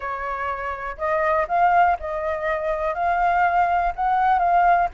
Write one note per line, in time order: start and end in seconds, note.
0.00 0.97 C#5
0.97 1.46 D#5
1.48 1.97 F5
1.99 2.94 D#5
2.94 3.92 F5
3.95 4.39 F#5
4.39 4.88 F5